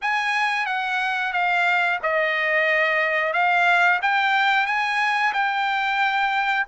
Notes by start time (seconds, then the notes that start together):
0.01 G#5
0.66 F#5
1.32 F5
2.02 D#5
3.33 F5
4.02 G5
4.66 G#5
5.33 G5